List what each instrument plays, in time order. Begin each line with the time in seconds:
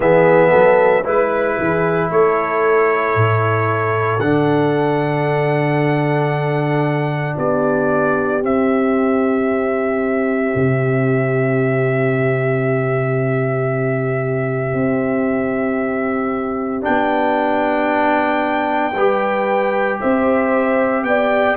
0.00 tuba E3, trombone B3, horn G#4, trumpet E5
0.50 tuba F#3, horn A4
1.03 tuba G#3, trombone E4, horn B4, trumpet B4
1.57 tuba E3, horn G#4
2.10 tuba A3, horn A4, trumpet C#5
3.15 tuba A2
4.18 tuba D3, trombone D4, trumpet F#5
7.37 tuba B3, horn G4, trumpet D5
8.41 trombone C4, tuba C4, trumpet E5
10.55 tuba C3
14.73 tuba C4
16.81 tuba B3, trombone D4, trumpet G5
18.93 tuba G3, trombone G4, horn B4
20.00 tuba C4, horn C5, trumpet E5
21.03 tuba B3, horn D5, trumpet G5